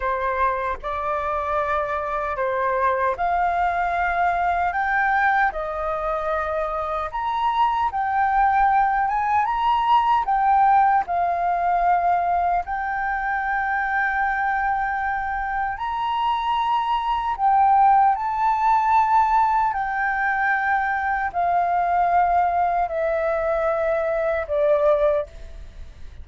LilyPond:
\new Staff \with { instrumentName = "flute" } { \time 4/4 \tempo 4 = 76 c''4 d''2 c''4 | f''2 g''4 dis''4~ | dis''4 ais''4 g''4. gis''8 | ais''4 g''4 f''2 |
g''1 | ais''2 g''4 a''4~ | a''4 g''2 f''4~ | f''4 e''2 d''4 | }